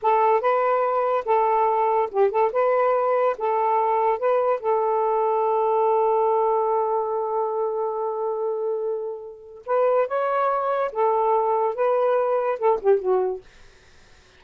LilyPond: \new Staff \with { instrumentName = "saxophone" } { \time 4/4 \tempo 4 = 143 a'4 b'2 a'4~ | a'4 g'8 a'8 b'2 | a'2 b'4 a'4~ | a'1~ |
a'1~ | a'2. b'4 | cis''2 a'2 | b'2 a'8 g'8 fis'4 | }